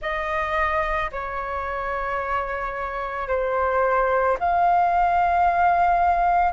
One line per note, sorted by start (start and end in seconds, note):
0.01 1.10 D#5
1.11 3.28 C#5
3.28 4.37 C5
4.39 6.52 F5